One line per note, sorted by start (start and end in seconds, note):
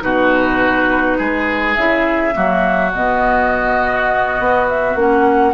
0.00 1.19 B2
0.00 1.75 D#4
0.00 1.18 F#4
0.00 1.75 B4
1.18 1.77 G#3
1.18 2.35 G#4
1.75 2.35 C#3
1.75 2.33 E4
1.75 2.91 E5
2.33 2.95 F#3
2.33 2.91 A#3
2.33 5.54 F#4
2.93 4.39 B2
2.93 4.97 B3
2.93 4.68 D#5
4.39 4.96 B3
4.68 4.97 E5
4.96 5.54 A#3
4.96 5.54 C#4
4.96 5.54 F#5